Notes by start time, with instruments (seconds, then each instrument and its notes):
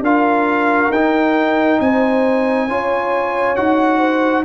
0.00 tuba D4, trombone F4, horn A#4, trumpet F5
0.90 tuba D#4, trombone D#4, trumpet G5
1.80 tuba C4, horn C5, trumpet G#5
2.67 tuba C#4, trombone F4, horn C#5
3.55 tuba D#4, trombone F#4, trumpet F#5
3.98 horn C5